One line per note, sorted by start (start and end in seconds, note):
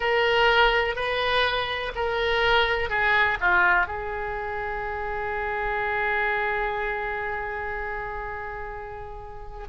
0.00 0.95 A#4
0.95 1.92 B4
1.95 2.89 A#4
2.89 3.38 G#4
3.40 3.87 F4
3.87 9.67 G#4